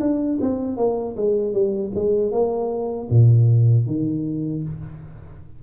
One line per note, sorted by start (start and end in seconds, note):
0.00 0.38 D4
0.41 0.77 C4
0.77 1.15 A#3
1.16 1.53 G#3
1.53 1.92 G3
1.95 2.31 G#3
2.31 3.08 A#3
3.10 3.86 A#2
3.86 4.63 D#3